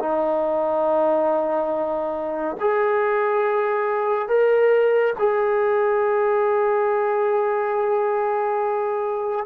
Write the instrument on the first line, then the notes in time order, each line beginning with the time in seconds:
trombone
0.00 D#4
2.61 G#4
4.29 A#4
5.19 G#4